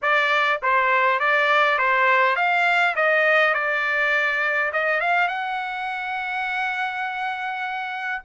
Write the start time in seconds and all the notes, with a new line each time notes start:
0.02 D5
0.62 C5
1.19 D5
1.78 C5
2.35 F5
2.95 D#5
3.53 D5
4.72 D#5
5.00 F5
5.28 F#5